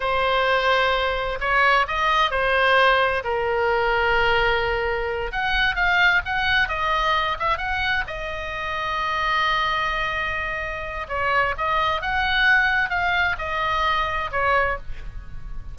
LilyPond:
\new Staff \with { instrumentName = "oboe" } { \time 4/4 \tempo 4 = 130 c''2. cis''4 | dis''4 c''2 ais'4~ | ais'2.~ ais'8 fis''8~ | fis''8 f''4 fis''4 dis''4. |
e''8 fis''4 dis''2~ dis''8~ | dis''1 | cis''4 dis''4 fis''2 | f''4 dis''2 cis''4 | }